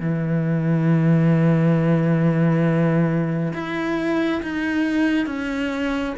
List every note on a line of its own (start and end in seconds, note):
0.00 3.53 E3
3.53 4.42 E4
4.43 5.26 D#4
5.26 6.14 C#4